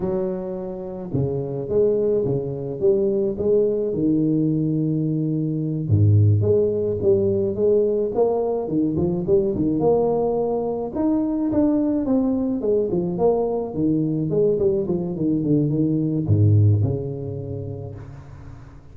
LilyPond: \new Staff \with { instrumentName = "tuba" } { \time 4/4 \tempo 4 = 107 fis2 cis4 gis4 | cis4 g4 gis4 dis4~ | dis2~ dis8 gis,4 gis8~ | gis8 g4 gis4 ais4 dis8 |
f8 g8 dis8 ais2 dis'8~ | dis'8 d'4 c'4 gis8 f8 ais8~ | ais8 dis4 gis8 g8 f8 dis8 d8 | dis4 gis,4 cis2 | }